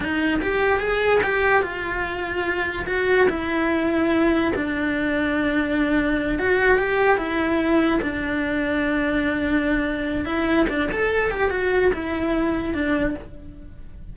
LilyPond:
\new Staff \with { instrumentName = "cello" } { \time 4/4 \tempo 4 = 146 dis'4 g'4 gis'4 g'4 | f'2. fis'4 | e'2. d'4~ | d'2.~ d'8 fis'8~ |
fis'8 g'4 e'2 d'8~ | d'1~ | d'4 e'4 d'8 a'4 g'8 | fis'4 e'2 d'4 | }